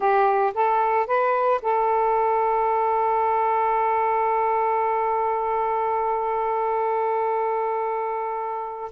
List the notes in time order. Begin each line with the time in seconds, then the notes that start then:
0.00 G4
0.54 A4
1.06 B4
1.62 A4